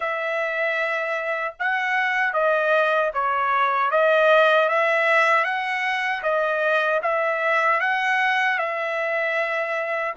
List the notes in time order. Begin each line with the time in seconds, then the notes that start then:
0.00 E5
1.59 F#5
2.33 D#5
3.13 C#5
3.90 D#5
4.69 E5
5.44 F#5
6.23 D#5
7.02 E5
7.80 F#5
8.58 E5